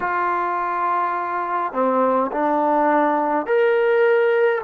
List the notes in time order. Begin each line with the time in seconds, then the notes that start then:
0.00 F4
1.73 C4
2.31 D4
3.46 A#4